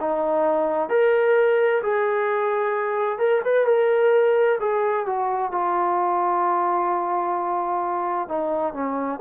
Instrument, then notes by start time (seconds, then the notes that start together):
trombone
0.00 D#4
0.89 A#4
1.82 G#4
3.18 A#4
3.44 B4
3.66 A#4
4.60 G#4
5.06 F#4
5.51 F4
8.28 D#4
8.74 C#4